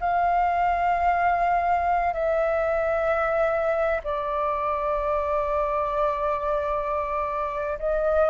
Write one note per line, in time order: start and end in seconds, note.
0.00 2.13 F5
2.13 4.00 E5
4.03 7.78 D5
7.79 8.29 D#5